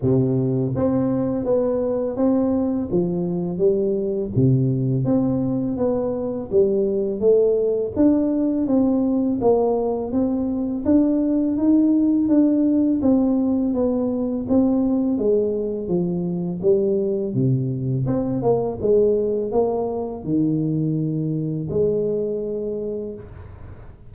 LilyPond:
\new Staff \with { instrumentName = "tuba" } { \time 4/4 \tempo 4 = 83 c4 c'4 b4 c'4 | f4 g4 c4 c'4 | b4 g4 a4 d'4 | c'4 ais4 c'4 d'4 |
dis'4 d'4 c'4 b4 | c'4 gis4 f4 g4 | c4 c'8 ais8 gis4 ais4 | dis2 gis2 | }